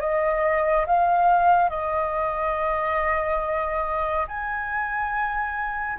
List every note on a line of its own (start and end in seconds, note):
0.00 0.86 D#5
0.86 1.70 F5
1.70 4.27 D#5
4.27 5.99 G#5